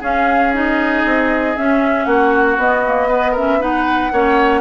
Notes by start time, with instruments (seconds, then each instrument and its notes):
0.00 clarinet C#4, bassoon C#4, oboe G#4, flute F5
0.53 clarinet D#4, flute D#5
1.05 bassoon C4
1.57 clarinet C#4, bassoon C#4, flute E5
2.05 bassoon A#3, oboe F#4, flute F#5
2.57 bassoon B3, clarinet B3, flute D#5
2.86 clarinet A#3
3.08 clarinet B3, oboe B4
3.32 clarinet C#4, oboe A#4, flute E5
3.59 clarinet D#4, oboe B4, flute F#5
4.12 bassoon A#3, clarinet C#4, oboe C#5